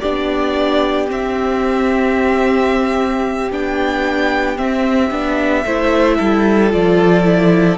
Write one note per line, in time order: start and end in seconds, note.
0.00 1.11 B3
0.00 1.07 D4
0.00 5.63 G4
0.00 1.07 D5
1.07 3.48 C4
1.07 3.52 C4
1.07 3.52 E5
3.51 4.58 B3
3.51 4.57 D4
3.51 4.58 G5
4.57 5.10 C4
4.57 5.11 C4
4.57 6.72 E5
5.11 5.64 B3
5.11 5.65 D4
5.65 6.19 A3
5.65 6.71 E4
5.65 6.18 C5
6.18 6.74 G3
6.18 7.78 A4
6.71 7.78 F3
6.71 7.24 F4
6.71 7.78 D5
7.24 7.77 E4